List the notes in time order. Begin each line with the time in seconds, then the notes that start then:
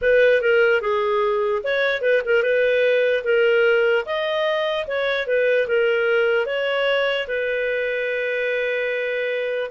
0.01 B4
0.41 A#4
0.81 G#4
1.63 C#5
2.01 B4
2.25 A#4
2.42 B4
3.24 A#4
4.05 D#5
4.86 C#5
5.26 B4
5.68 A#4
6.46 C#5
7.27 B4